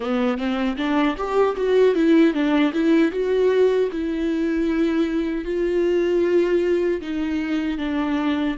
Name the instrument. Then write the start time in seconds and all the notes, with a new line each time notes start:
viola
0.00 B3
0.37 C4
0.77 D4
1.17 G4
1.56 F#4
1.95 E4
2.33 D4
2.73 E4
3.11 F#4
3.92 E4
5.44 F4
7.01 D#4
7.78 D4